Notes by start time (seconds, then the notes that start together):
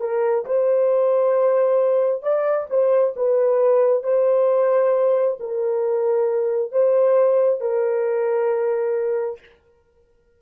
0.00 A#4
0.45 C5
2.22 D5
2.69 C5
3.16 B4
4.03 C5
5.40 A#4
6.71 C5
7.60 A#4